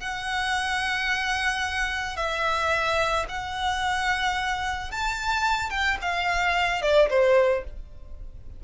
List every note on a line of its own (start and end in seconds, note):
0.00 2.17 F#5
2.17 3.26 E5
3.29 4.91 F#5
4.91 5.70 A5
5.70 5.97 G5
6.02 6.82 F5
6.82 7.09 D5
7.10 7.64 C5